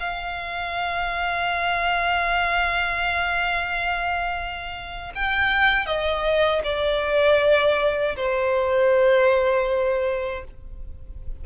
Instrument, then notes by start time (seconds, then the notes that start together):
violin
0.00 F5
5.15 G5
5.86 D#5
6.64 D5
8.16 C5